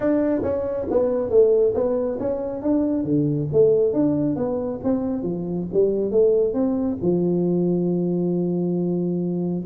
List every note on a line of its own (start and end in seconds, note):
0.00 0.41 D4
0.42 0.86 C#4
0.90 1.29 B3
1.29 1.73 A3
1.74 2.18 B3
2.19 2.62 C#4
2.62 3.03 D4
3.03 3.47 D3
3.52 3.93 A3
3.93 4.36 D4
4.36 4.80 B3
4.83 5.22 C4
5.22 5.66 F3
5.73 6.11 G3
6.11 6.53 A3
6.53 6.97 C4
7.01 9.64 F3